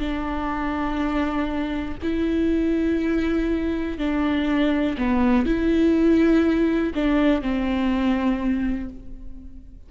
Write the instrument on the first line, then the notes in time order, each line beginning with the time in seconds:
viola
0.00 D4
2.03 E4
3.98 D4
4.98 B3
5.46 E4
6.95 D4
7.42 C4